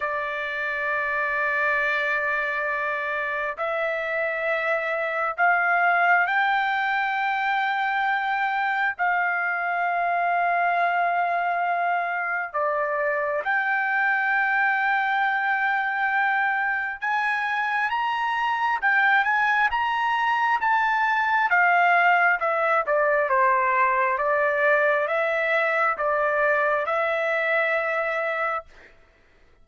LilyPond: \new Staff \with { instrumentName = "trumpet" } { \time 4/4 \tempo 4 = 67 d''1 | e''2 f''4 g''4~ | g''2 f''2~ | f''2 d''4 g''4~ |
g''2. gis''4 | ais''4 g''8 gis''8 ais''4 a''4 | f''4 e''8 d''8 c''4 d''4 | e''4 d''4 e''2 | }